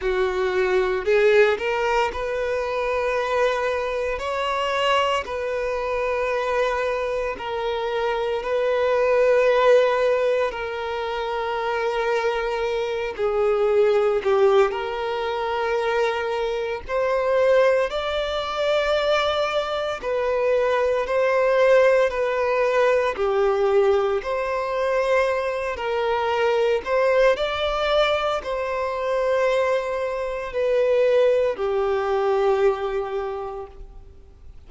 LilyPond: \new Staff \with { instrumentName = "violin" } { \time 4/4 \tempo 4 = 57 fis'4 gis'8 ais'8 b'2 | cis''4 b'2 ais'4 | b'2 ais'2~ | ais'8 gis'4 g'8 ais'2 |
c''4 d''2 b'4 | c''4 b'4 g'4 c''4~ | c''8 ais'4 c''8 d''4 c''4~ | c''4 b'4 g'2 | }